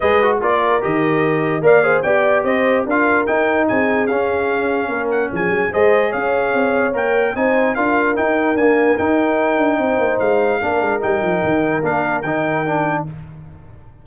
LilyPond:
<<
  \new Staff \with { instrumentName = "trumpet" } { \time 4/4 \tempo 4 = 147 dis''4 d''4 dis''2 | f''4 g''4 dis''4 f''4 | g''4 gis''4 f''2~ | f''8 fis''8 gis''4 dis''4 f''4~ |
f''4 g''4 gis''4 f''4 | g''4 gis''4 g''2~ | g''4 f''2 g''4~ | g''4 f''4 g''2 | }
  \new Staff \with { instrumentName = "horn" } { \time 4/4 b'4 ais'2. | d''8 c''8 d''4 c''4 ais'4~ | ais'4 gis'2. | ais'4 gis'4 c''4 cis''4~ |
cis''2 c''4 ais'4~ | ais'1 | c''2 ais'2~ | ais'1 | }
  \new Staff \with { instrumentName = "trombone" } { \time 4/4 gis'8 fis'8 f'4 g'2 | ais'8 gis'8 g'2 f'4 | dis'2 cis'2~ | cis'2 gis'2~ |
gis'4 ais'4 dis'4 f'4 | dis'4 ais4 dis'2~ | dis'2 d'4 dis'4~ | dis'4 d'4 dis'4 d'4 | }
  \new Staff \with { instrumentName = "tuba" } { \time 4/4 gis4 ais4 dis2 | ais4 b4 c'4 d'4 | dis'4 c'4 cis'2 | ais4 f8 fis8 gis4 cis'4 |
c'4 ais4 c'4 d'4 | dis'4 d'4 dis'4. d'8 | c'8 ais8 gis4 ais8 gis8 g8 f8 | dis4 ais4 dis2 | }
>>